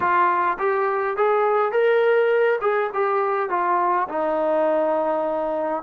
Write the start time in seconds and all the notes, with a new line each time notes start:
0.00 F4
0.58 G4
1.17 G#4
1.72 A#4
2.61 G#4
2.93 G4
3.50 F4
4.08 D#4